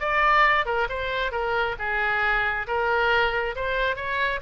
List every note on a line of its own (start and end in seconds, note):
0.00 0.66 D5
0.66 0.88 A#4
0.89 1.32 C5
1.32 1.76 A#4
1.79 2.67 G#4
2.67 3.56 A#4
3.56 3.96 C5
3.96 4.40 C#5